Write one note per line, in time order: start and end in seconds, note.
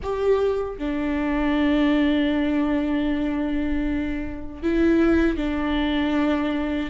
0.02 0.78 G4
0.78 4.62 D4
4.62 5.37 E4
5.37 6.90 D4